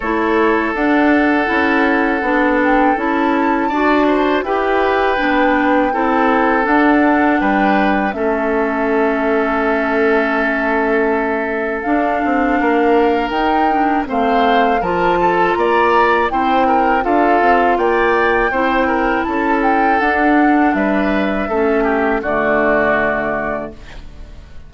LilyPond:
<<
  \new Staff \with { instrumentName = "flute" } { \time 4/4 \tempo 4 = 81 cis''4 fis''2~ fis''8 g''8 | a''2 g''2~ | g''4 fis''4 g''4 e''4~ | e''1 |
f''2 g''4 f''4 | a''4 ais''4 g''4 f''4 | g''2 a''8 g''8 fis''4 | e''2 d''2 | }
  \new Staff \with { instrumentName = "oboe" } { \time 4/4 a'1~ | a'4 d''8 c''8 b'2 | a'2 b'4 a'4~ | a'1~ |
a'4 ais'2 c''4 | ais'8 a'8 d''4 c''8 ais'8 a'4 | d''4 c''8 ais'8 a'2 | b'4 a'8 g'8 fis'2 | }
  \new Staff \with { instrumentName = "clarinet" } { \time 4/4 e'4 d'4 e'4 d'4 | e'4 fis'4 g'4 d'4 | e'4 d'2 cis'4~ | cis'1 |
d'2 dis'8 d'8 c'4 | f'2 e'4 f'4~ | f'4 e'2 d'4~ | d'4 cis'4 a2 | }
  \new Staff \with { instrumentName = "bassoon" } { \time 4/4 a4 d'4 cis'4 b4 | cis'4 d'4 e'4 b4 | c'4 d'4 g4 a4~ | a1 |
d'8 c'8 ais4 dis'4 a4 | f4 ais4 c'4 d'8 c'8 | ais4 c'4 cis'4 d'4 | g4 a4 d2 | }
>>